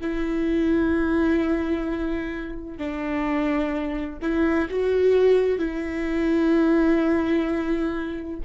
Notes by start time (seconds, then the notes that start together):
0.00 E4
2.77 D4
4.21 E4
4.70 F#4
5.59 E4